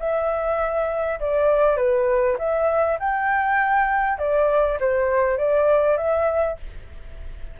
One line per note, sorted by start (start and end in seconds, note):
0.00 1.20 E5
1.20 1.77 D5
1.77 2.37 B4
2.39 2.99 E5
2.99 4.19 G5
4.19 4.79 D5
4.80 5.38 C5
5.38 5.97 D5
5.97 6.57 E5